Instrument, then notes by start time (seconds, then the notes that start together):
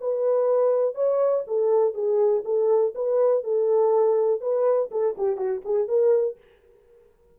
horn
0.00 B4
0.95 C#5
1.47 A4
1.94 G#4
2.45 A4
2.94 B4
3.43 A4
4.41 B4
4.91 A4
5.17 G4
5.37 F#4
5.64 G#4
5.88 A#4